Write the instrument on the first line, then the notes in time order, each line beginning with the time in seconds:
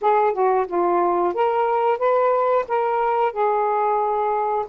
saxophone
0.01 G#4
0.33 F#4
0.67 F4
1.34 A#4
1.98 B4
2.68 A#4
3.32 G#4